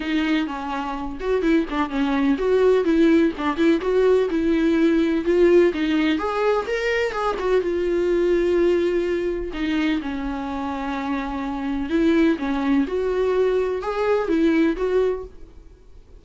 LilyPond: \new Staff \with { instrumentName = "viola" } { \time 4/4 \tempo 4 = 126 dis'4 cis'4. fis'8 e'8 d'8 | cis'4 fis'4 e'4 d'8 e'8 | fis'4 e'2 f'4 | dis'4 gis'4 ais'4 gis'8 fis'8 |
f'1 | dis'4 cis'2.~ | cis'4 e'4 cis'4 fis'4~ | fis'4 gis'4 e'4 fis'4 | }